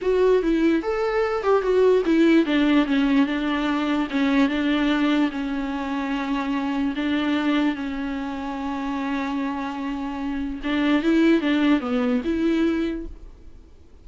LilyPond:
\new Staff \with { instrumentName = "viola" } { \time 4/4 \tempo 4 = 147 fis'4 e'4 a'4. g'8 | fis'4 e'4 d'4 cis'4 | d'2 cis'4 d'4~ | d'4 cis'2.~ |
cis'4 d'2 cis'4~ | cis'1~ | cis'2 d'4 e'4 | d'4 b4 e'2 | }